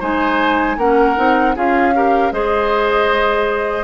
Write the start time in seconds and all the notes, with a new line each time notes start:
0.00 G#3 D#4 C5 G#5
0.77 A#3 C#4 A#4 F#5
1.17 C4 D#4
1.56 C#4 F4 G#4 F5
1.95 G4 A#4
2.32 G#3 G#4 C5 D#5